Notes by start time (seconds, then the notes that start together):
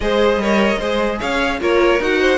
0.00 G#3 G#4 C5 D#5
0.36 G3 A#4 C#5
0.79 G#3 G#4 C5
1.19 C#4 C#5 F5
1.59 A#3 F4 A#4 C#5
1.99 D#4 F#4 F#5
2.20 C5